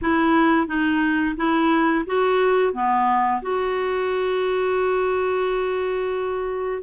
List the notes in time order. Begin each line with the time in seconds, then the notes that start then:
0.01 E4
0.67 D#4
1.36 E4
2.06 F#4
2.73 B3
3.42 F#4